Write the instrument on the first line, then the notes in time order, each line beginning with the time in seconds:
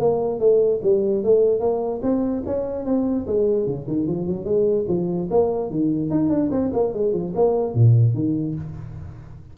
tuba
0.00 A#3
0.40 A3
0.83 G3
1.24 A3
1.60 A#3
2.03 C4
2.46 C#4
2.86 C4
3.27 G#3
3.67 C#3
3.88 D#3
4.08 F3
4.27 F#3
4.45 G#3
4.88 F3
5.31 A#3
5.71 D#3
6.11 D#4
6.30 D4
6.52 C4
6.74 A#3
6.94 G#3
7.13 F3
7.36 A#3
7.75 A#2
8.14 D#3